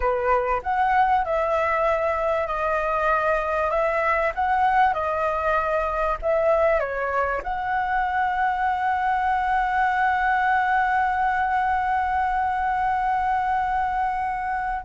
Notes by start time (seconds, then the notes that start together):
0.00 B4
0.62 F#5
1.25 E5
2.47 D#5
3.70 E5
4.35 F#5
4.93 D#5
6.22 E5
6.79 C#5
7.43 F#5